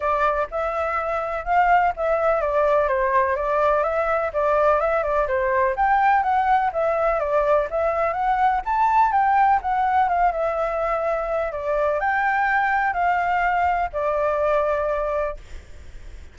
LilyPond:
\new Staff \with { instrumentName = "flute" } { \time 4/4 \tempo 4 = 125 d''4 e''2 f''4 | e''4 d''4 c''4 d''4 | e''4 d''4 e''8 d''8 c''4 | g''4 fis''4 e''4 d''4 |
e''4 fis''4 a''4 g''4 | fis''4 f''8 e''2~ e''8 | d''4 g''2 f''4~ | f''4 d''2. | }